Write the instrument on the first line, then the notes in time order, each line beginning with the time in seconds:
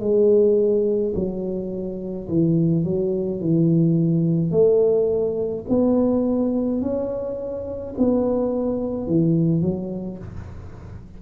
tuba
0.00 G#3
1.15 F#3
2.28 E3
2.84 F#3
3.41 E3
4.51 A3
5.69 B3
6.81 C#4
7.98 B3
9.07 E3
9.61 F#3